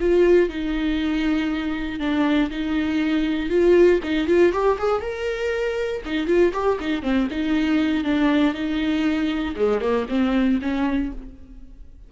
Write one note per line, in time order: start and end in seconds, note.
0.00 0.49 F4
0.49 2.00 D#4
2.00 2.50 D4
2.50 3.50 D#4
3.50 4.00 F4
4.03 4.27 D#4
4.27 4.52 F4
4.52 4.78 G4
4.79 5.01 G#4
5.01 6.02 A#4
6.05 6.27 D#4
6.27 6.52 F4
6.53 6.78 G4
6.80 7.03 D#4
7.03 7.28 C4
7.31 8.04 D#4
8.04 8.54 D4
8.54 9.55 D#4
9.56 9.81 G#3
9.81 10.07 A#3
10.09 10.60 C4
10.62 11.12 C#4